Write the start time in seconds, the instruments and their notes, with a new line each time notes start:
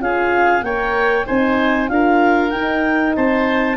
0.00 tuba C#4, horn F4, oboe G#4, clarinet F5
0.61 tuba A#3, horn A#4, oboe C#5, clarinet G5
1.27 tuba C4, horn D#4, oboe C5, clarinet G#5
1.89 tuba D4, horn F4, oboe A#4, clarinet F5
2.51 horn D#4, tuba D#4, clarinet G5
3.16 tuba C4, oboe C5, clarinet A5